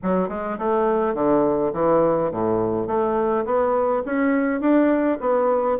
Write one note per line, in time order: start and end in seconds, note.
0.02 0.28 F#3
0.28 0.57 G#3
0.58 1.14 A3
1.14 1.72 D3
1.73 2.31 E3
2.31 2.87 A2
2.87 3.45 A3
3.45 4.03 B3
4.05 4.60 C#4
4.60 5.18 D4
5.20 5.77 B3